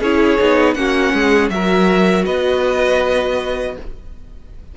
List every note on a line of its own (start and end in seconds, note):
0.00 0.38 C#4
0.00 0.39 E4
0.00 0.75 G#4
0.00 0.74 C#5
0.39 0.75 B3
0.39 0.75 D#4
0.74 1.12 A#3
0.74 1.50 C#4
0.74 1.14 F#4
0.74 1.49 F#5
1.13 1.49 G#3
1.13 1.51 G#4
1.49 2.24 F#3
1.49 3.76 F#4
1.49 2.25 A#4
1.49 2.25 E5
2.25 3.76 B3
2.25 3.75 B4
2.25 3.75 D#5